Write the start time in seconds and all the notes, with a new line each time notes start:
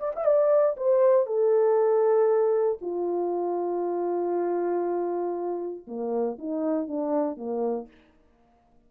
0.00 D5
0.16 E5
0.26 D5
0.77 C5
1.27 A4
2.81 F4
5.88 A#3
6.39 D#4
6.88 D4
7.37 A#3